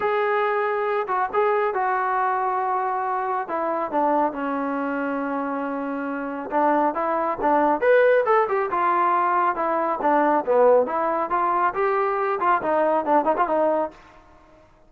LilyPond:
\new Staff \with { instrumentName = "trombone" } { \time 4/4 \tempo 4 = 138 gis'2~ gis'8 fis'8 gis'4 | fis'1 | e'4 d'4 cis'2~ | cis'2. d'4 |
e'4 d'4 b'4 a'8 g'8 | f'2 e'4 d'4 | b4 e'4 f'4 g'4~ | g'8 f'8 dis'4 d'8 dis'16 f'16 dis'4 | }